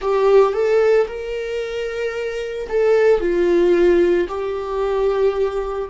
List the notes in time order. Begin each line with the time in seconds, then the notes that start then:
0.00 G4
0.53 A4
1.07 A#4
2.69 A4
3.20 F4
4.28 G4